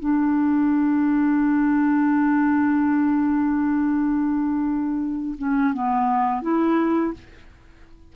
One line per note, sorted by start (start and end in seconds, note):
0.00 5.36 D4
5.38 5.74 C#4
5.74 6.42 B3
6.42 7.13 E4